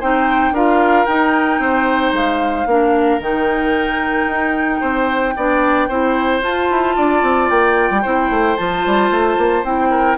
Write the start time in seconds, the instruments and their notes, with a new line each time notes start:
0.00 bassoon C4, clarinet D#4, oboe C5, flute G5
0.51 bassoon D4, clarinet F4, oboe A#4, flute F5
1.06 clarinet D#4, bassoon D#4, flute G5
1.59 bassoon C4, oboe C5
2.12 bassoon G#3, flute F5
2.66 bassoon A#3, clarinet D4, oboe A#4
3.19 bassoon D#3, clarinet D#4, flute G5
4.26 bassoon D#4
4.80 bassoon C4, oboe C5
5.36 bassoon B3, clarinet D4, oboe D5
5.88 bassoon C4, clarinet E4, oboe C5
6.41 clarinet F4, bassoon F4, flute A5
6.70 bassoon E4
6.96 bassoon D4, oboe D5
7.22 bassoon C4
7.50 bassoon A#3, flute G5
7.91 bassoon G3
8.02 bassoon C4, clarinet E4, oboe C5
8.30 bassoon A3
8.56 bassoon F3, clarinet F4, flute A5
8.86 bassoon G3
9.10 bassoon A3
9.38 bassoon A#3
9.64 bassoon C4, clarinet E4, flute G5
9.90 oboe A#4